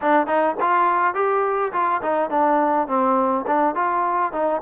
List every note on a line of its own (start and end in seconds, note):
0.01 0.26 D4
0.26 0.55 D#4
0.60 1.14 F4
1.14 1.72 G4
1.72 2.01 F4
2.02 2.29 D#4
2.29 2.87 D4
2.87 3.45 C4
3.46 3.75 D4
3.75 4.32 F4
4.32 4.61 D#4